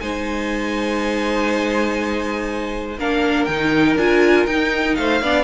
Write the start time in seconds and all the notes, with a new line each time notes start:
0.00 G#3 D#4 C5 G#5
2.98 A#3 D4 A#4 F5
3.45 D#3 D#4 G5
3.96 D4 F4 G#5
4.46 D#4 G5
4.95 A3 C5 F5
5.21 B3 D4 D5